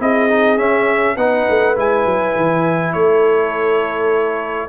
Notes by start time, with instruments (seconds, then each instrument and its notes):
0.00 tuba C4, trombone E4, horn G#4, trumpet D#5
0.30 trombone D#4
0.57 trombone C#4, tuba C#4, trumpet E5
1.16 tuba B3, trombone D#4, horn B4, trumpet F#5
1.49 tuba A3
1.76 tuba G#3, trombone E4, trumpet G#5
2.06 tuba F#3
2.36 tuba E3
2.93 tuba A3, horn A4, trumpet C#5